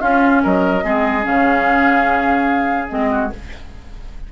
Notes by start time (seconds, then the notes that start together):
0.00 C#4 F4 F5
0.43 F#3 A#4 D#5
0.83 G#3 C4 G#4
1.23 C#3 C#4 F5
2.89 G#3 C4 D#5
3.11 F#4